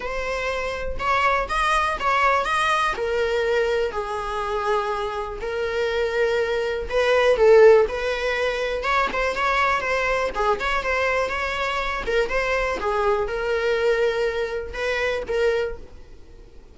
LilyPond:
\new Staff \with { instrumentName = "viola" } { \time 4/4 \tempo 4 = 122 c''2 cis''4 dis''4 | cis''4 dis''4 ais'2 | gis'2. ais'4~ | ais'2 b'4 a'4 |
b'2 cis''8 c''8 cis''4 | c''4 gis'8 cis''8 c''4 cis''4~ | cis''8 ais'8 c''4 gis'4 ais'4~ | ais'2 b'4 ais'4 | }